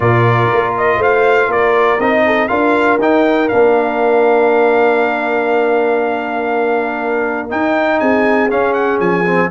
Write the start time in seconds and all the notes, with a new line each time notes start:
0.00 A#2 F4 A#4 D5
0.52 A#3
0.77 D#5
0.97 A3 C5 F5
1.47 A#3 A#4 D5
1.99 C4 D#4 D#5
2.26 A4
2.48 D4 F4 A#4 F5
2.98 D#4 G5
3.48 A#3 D4 F5
7.49 D#4 G5
7.99 C4 G#4 G#5
8.49 C#4 F5
8.73 F#5
8.99 F3 G#5
9.25 C4